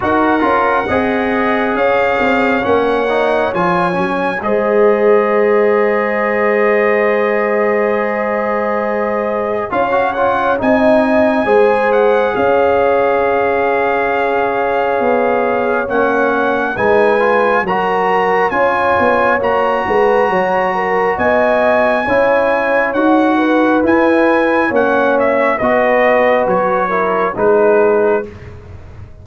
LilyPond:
<<
  \new Staff \with { instrumentName = "trumpet" } { \time 4/4 \tempo 4 = 68 fis''2 f''4 fis''4 | gis''4 dis''2.~ | dis''2. f''8 fis''8 | gis''4. fis''8 f''2~ |
f''2 fis''4 gis''4 | ais''4 gis''4 ais''2 | gis''2 fis''4 gis''4 | fis''8 e''8 dis''4 cis''4 b'4 | }
  \new Staff \with { instrumentName = "horn" } { \time 4/4 ais'4 dis''4 cis''2~ | cis''4 c''2.~ | c''2. cis''4 | dis''4 c''4 cis''2~ |
cis''2. b'4 | ais'4 cis''4. b'8 cis''8 ais'8 | dis''4 cis''4. b'4. | cis''4 b'4. ais'8 gis'4 | }
  \new Staff \with { instrumentName = "trombone" } { \time 4/4 fis'8 f'8 gis'2 cis'8 dis'8 | f'8 cis'8 gis'2.~ | gis'2. f'16 fis'16 f'8 | dis'4 gis'2.~ |
gis'2 cis'4 dis'8 f'8 | fis'4 f'4 fis'2~ | fis'4 e'4 fis'4 e'4 | cis'4 fis'4. e'8 dis'4 | }
  \new Staff \with { instrumentName = "tuba" } { \time 4/4 dis'8 cis'8 c'4 cis'8 c'8 ais4 | f8 fis8 gis2.~ | gis2. cis'4 | c'4 gis4 cis'2~ |
cis'4 b4 ais4 gis4 | fis4 cis'8 b8 ais8 gis8 fis4 | b4 cis'4 dis'4 e'4 | ais4 b4 fis4 gis4 | }
>>